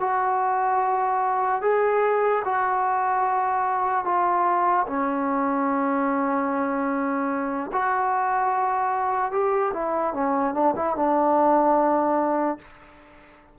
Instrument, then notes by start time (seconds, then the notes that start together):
trombone
0.00 F#4
1.61 G#4
2.45 F#4
4.05 F4
4.86 C#4
7.72 F#4
9.31 G4
9.73 E4
10.14 C#4
10.54 D4
10.75 E4
10.96 D4